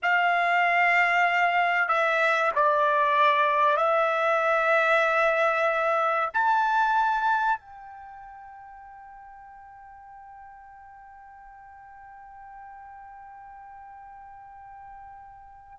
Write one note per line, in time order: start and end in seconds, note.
0.02 1.88 F5
1.88 2.51 E5
2.55 3.77 D5
3.77 6.29 E5
6.33 7.60 A5
7.60 15.79 G5